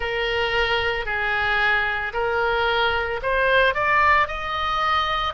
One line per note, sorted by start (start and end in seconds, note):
0.00 1.05 A#4
1.05 2.12 G#4
2.13 3.20 A#4
3.22 3.74 C5
3.74 4.27 D5
4.27 5.33 D#5